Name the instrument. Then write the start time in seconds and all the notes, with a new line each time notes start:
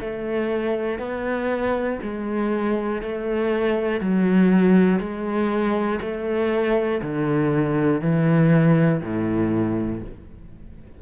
cello
0.00 A3
0.99 B3
2.02 G#3
3.01 A3
4.00 F#3
4.99 G#3
6.01 A3
7.02 D3
8.01 E3
9.01 A2